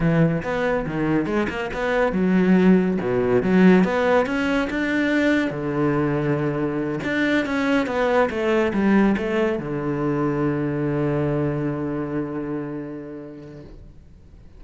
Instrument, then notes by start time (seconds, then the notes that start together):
cello
0.00 E3
0.43 B3
0.86 D#3
1.26 G#3
1.49 A#3
1.73 B3
2.12 F#3
3.01 B2
3.42 F#3
3.84 B3
4.26 C#4
4.70 D4
5.50 D3
7.03 D4
7.45 C#4
7.86 B3
8.30 A3
8.73 G3
9.17 A3
9.58 D3